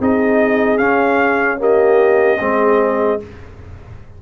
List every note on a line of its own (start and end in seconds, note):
0.00 0.79 C4
0.00 0.79 D#4
0.00 1.60 G#4
0.00 0.78 D#5
0.78 1.58 C#4
0.78 2.39 C#4
0.78 1.58 F5
1.58 2.38 A#3
1.58 2.40 G4
1.58 3.23 D#5
2.40 3.21 G#3
2.40 3.20 C4
2.40 3.21 G#4